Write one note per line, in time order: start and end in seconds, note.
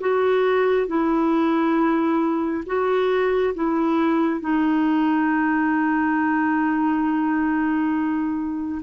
0.00 0.87 F#4
0.87 2.64 E4
2.66 3.54 F#4
3.54 4.40 E4
4.40 8.82 D#4